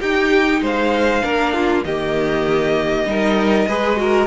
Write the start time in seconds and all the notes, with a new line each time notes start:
0.00 D#4 G4 G5
0.62 G#3 C5 F5
1.22 A#3 D4 A#4
1.54 F4
1.85 D#3 A#3 G4 D#5
3.05 G3 D#4 A#4
3.68 G#3 G#4 B4
3.97 F#4 A#4